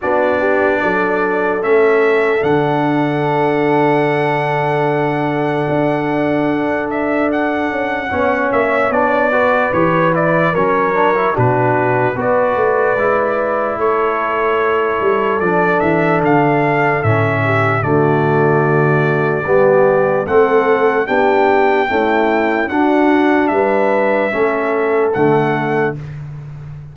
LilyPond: <<
  \new Staff \with { instrumentName = "trumpet" } { \time 4/4 \tempo 4 = 74 d''2 e''4 fis''4~ | fis''1~ | fis''8 e''8 fis''4. e''8 d''4 | cis''8 d''8 cis''4 b'4 d''4~ |
d''4 cis''2 d''8 e''8 | f''4 e''4 d''2~ | d''4 fis''4 g''2 | fis''4 e''2 fis''4 | }
  \new Staff \with { instrumentName = "horn" } { \time 4/4 fis'8 g'8 a'2.~ | a'1~ | a'2 cis''4. b'8~ | b'4 ais'4 fis'4 b'4~ |
b'4 a'2.~ | a'4. g'8 fis'2 | g'4 a'4 g'4 e'4 | fis'4 b'4 a'2 | }
  \new Staff \with { instrumentName = "trombone" } { \time 4/4 d'2 cis'4 d'4~ | d'1~ | d'2 cis'4 d'8 fis'8 | g'8 e'8 cis'8 d'16 e'16 d'4 fis'4 |
e'2. d'4~ | d'4 cis'4 a2 | b4 c'4 d'4 a4 | d'2 cis'4 a4 | }
  \new Staff \with { instrumentName = "tuba" } { \time 4/4 b4 fis4 a4 d4~ | d2. d'4~ | d'4. cis'8 b8 ais8 b4 | e4 fis4 b,4 b8 a8 |
gis4 a4. g8 f8 e8 | d4 a,4 d2 | g4 a4 b4 cis'4 | d'4 g4 a4 d4 | }
>>